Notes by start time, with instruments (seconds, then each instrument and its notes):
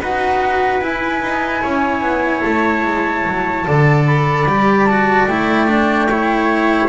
0.00 double bass D#4, cello F#4, trumpet B4, flute F#5
0.80 double bass E4, cello E4, flute G#5
1.21 double bass D#4
1.62 double bass C#4, trumpet C#5
2.01 double bass B3
2.41 double bass A3, flute A5
2.84 double bass G#3
3.25 double bass F#3
3.64 double bass D3, cello A4, trumpet D5
4.06 flute B5
4.45 double bass G3, cello G4
4.85 cello F#4, flute A5
5.27 double bass A3, cello E4, flute G5
5.67 cello D4
6.08 cello E4, trumpet C#5